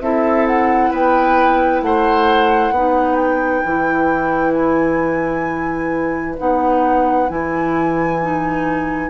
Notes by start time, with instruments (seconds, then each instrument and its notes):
0.00 bassoon C4, clarinet E4, oboe A4, flute E5
0.47 flute F#5
0.91 bassoon B3, oboe B4, flute G5
1.82 bassoon A3, oboe C5, flute F#5
2.71 bassoon B3, clarinet D#4, oboe B4
3.16 flute G5
3.65 bassoon E3, clarinet E4
4.53 flute G#5
6.38 bassoon B3, clarinet D#4, flute F#5
7.28 bassoon E3, clarinet E4, flute G#5
8.22 clarinet D#4